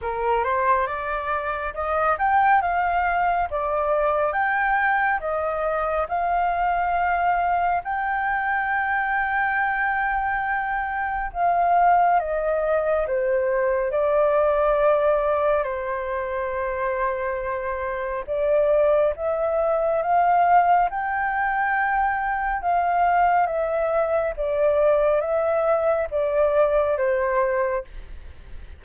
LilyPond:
\new Staff \with { instrumentName = "flute" } { \time 4/4 \tempo 4 = 69 ais'8 c''8 d''4 dis''8 g''8 f''4 | d''4 g''4 dis''4 f''4~ | f''4 g''2.~ | g''4 f''4 dis''4 c''4 |
d''2 c''2~ | c''4 d''4 e''4 f''4 | g''2 f''4 e''4 | d''4 e''4 d''4 c''4 | }